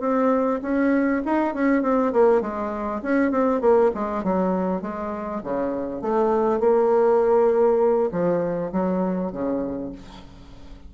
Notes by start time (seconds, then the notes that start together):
0.00 C4
0.62 C#4
1.25 D#4
1.54 C#4
1.82 C4
2.12 A#3
2.41 G#3
3.02 C#4
3.31 C4
3.61 A#3
3.94 G#3
4.23 F#3
4.82 G#3
5.43 C#3
6.01 A3
6.60 A#3
8.11 F3
8.72 F#3
9.32 C#3